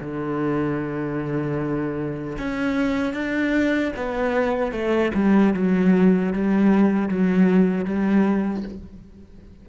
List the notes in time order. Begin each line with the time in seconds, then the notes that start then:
0.00 D3
2.38 C#4
3.14 D4
3.96 B3
4.72 A3
5.14 G3
5.53 F#3
6.32 G3
7.08 F#3
7.84 G3